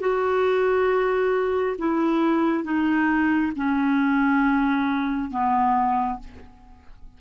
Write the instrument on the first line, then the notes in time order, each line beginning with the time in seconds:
clarinet
0.00 F#4
1.78 E4
2.64 D#4
3.56 C#4
5.31 B3